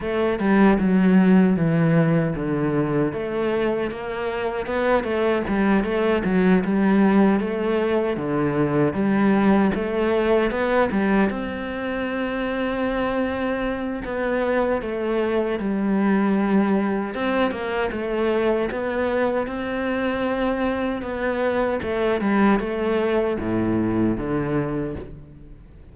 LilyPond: \new Staff \with { instrumentName = "cello" } { \time 4/4 \tempo 4 = 77 a8 g8 fis4 e4 d4 | a4 ais4 b8 a8 g8 a8 | fis8 g4 a4 d4 g8~ | g8 a4 b8 g8 c'4.~ |
c'2 b4 a4 | g2 c'8 ais8 a4 | b4 c'2 b4 | a8 g8 a4 a,4 d4 | }